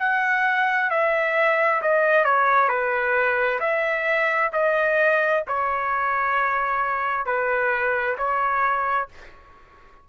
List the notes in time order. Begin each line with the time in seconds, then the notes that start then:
0.00 F#5
0.91 E5
1.82 D#5
2.25 C#5
2.69 B4
3.60 E5
4.53 D#5
5.48 C#5
7.26 B4
8.19 C#5